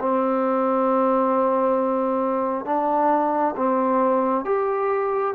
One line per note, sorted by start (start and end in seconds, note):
0.00 2.66 C4
2.66 3.55 D4
3.57 4.45 C4
4.45 5.35 G4